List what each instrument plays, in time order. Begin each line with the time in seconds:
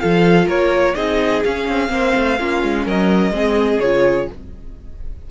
0.00 cello F3, viola F4, violin A4 F5
0.47 cello A#3, violin A#4 C#5
0.95 cello C4, viola D#4, violin G#4 D#5
1.44 cello C#4, viola C#4, violin F5
1.68 cello C4
1.89 cello A#3, viola C4, violin C5
2.16 cello A3
2.39 cello A#3, viola C#4, violin F4
2.63 cello G#3
2.85 cello F#3, violin A#4 D#5
3.31 cello G#3, viola C4, violin G#4
3.80 cello C#3, viola F4, violin C#5